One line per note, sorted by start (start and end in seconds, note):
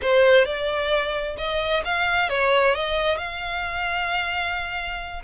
0.01 0.45 C5
0.45 1.36 D5
1.37 1.83 D#5
1.84 2.29 F5
2.29 2.74 C#5
2.74 3.17 D#5
3.17 5.22 F5